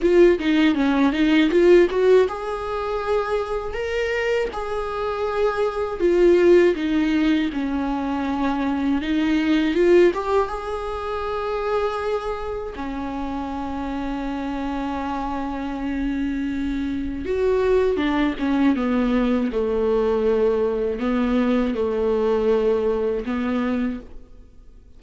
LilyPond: \new Staff \with { instrumentName = "viola" } { \time 4/4 \tempo 4 = 80 f'8 dis'8 cis'8 dis'8 f'8 fis'8 gis'4~ | gis'4 ais'4 gis'2 | f'4 dis'4 cis'2 | dis'4 f'8 g'8 gis'2~ |
gis'4 cis'2.~ | cis'2. fis'4 | d'8 cis'8 b4 a2 | b4 a2 b4 | }